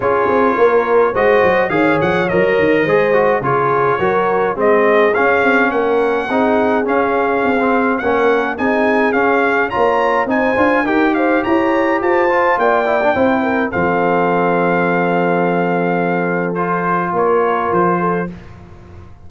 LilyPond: <<
  \new Staff \with { instrumentName = "trumpet" } { \time 4/4 \tempo 4 = 105 cis''2 dis''4 f''8 fis''8 | dis''2 cis''2 | dis''4 f''4 fis''2 | f''2 fis''4 gis''4 |
f''4 ais''4 gis''4 g''8 f''8 | ais''4 a''4 g''2 | f''1~ | f''4 c''4 cis''4 c''4 | }
  \new Staff \with { instrumentName = "horn" } { \time 4/4 gis'4 ais'4 c''4 cis''4~ | cis''4 c''4 gis'4 ais'4 | gis'2 ais'4 gis'4~ | gis'2 ais'4 gis'4~ |
gis'4 cis''4 c''4 ais'8 c''8 | cis''4 c''4 d''4 c''8 ais'8 | a'1~ | a'2 ais'4. a'8 | }
  \new Staff \with { instrumentName = "trombone" } { \time 4/4 f'2 fis'4 gis'4 | ais'4 gis'8 fis'8 f'4 fis'4 | c'4 cis'2 dis'4 | cis'4~ cis'16 c'8. cis'4 dis'4 |
cis'4 f'4 dis'8 f'8 g'4~ | g'4. f'4 e'16 d'16 e'4 | c'1~ | c'4 f'2. | }
  \new Staff \with { instrumentName = "tuba" } { \time 4/4 cis'8 c'8 ais4 gis8 fis8 dis8 f8 | fis8 dis8 gis4 cis4 fis4 | gis4 cis'8 c'8 ais4 c'4 | cis'4 c'4 ais4 c'4 |
cis'4 ais4 c'8 d'8 dis'4 | e'4 f'4 ais4 c'4 | f1~ | f2 ais4 f4 | }
>>